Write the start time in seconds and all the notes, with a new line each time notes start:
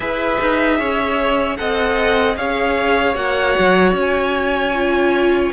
0.00 E4 G#4 B4 E5
0.40 D#4
0.78 C#4 C#5
1.57 C4 A4 D#5 F#5
2.36 C#4 G#4 C#5 F5
3.14 A#3 F#4 F#5
3.59 F#3
3.92 C#4
4.00 G#5
4.74 F4